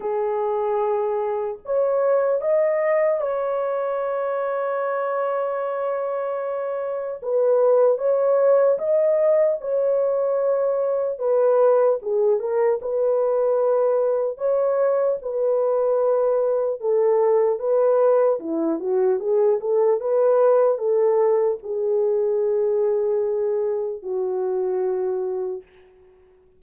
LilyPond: \new Staff \with { instrumentName = "horn" } { \time 4/4 \tempo 4 = 75 gis'2 cis''4 dis''4 | cis''1~ | cis''4 b'4 cis''4 dis''4 | cis''2 b'4 gis'8 ais'8 |
b'2 cis''4 b'4~ | b'4 a'4 b'4 e'8 fis'8 | gis'8 a'8 b'4 a'4 gis'4~ | gis'2 fis'2 | }